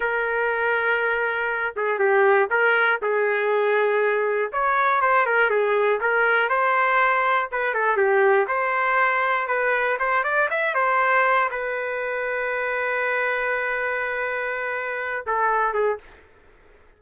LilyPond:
\new Staff \with { instrumentName = "trumpet" } { \time 4/4 \tempo 4 = 120 ais'2.~ ais'8 gis'8 | g'4 ais'4 gis'2~ | gis'4 cis''4 c''8 ais'8 gis'4 | ais'4 c''2 b'8 a'8 |
g'4 c''2 b'4 | c''8 d''8 e''8 c''4. b'4~ | b'1~ | b'2~ b'8 a'4 gis'8 | }